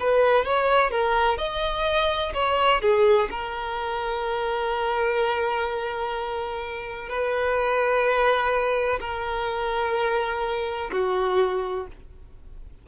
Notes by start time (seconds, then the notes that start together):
0.00 B4
0.45 C#5
0.91 A#4
1.38 D#5
2.34 C#5
2.82 G#4
3.31 A#4
7.10 B4
9.01 A#4
10.92 F#4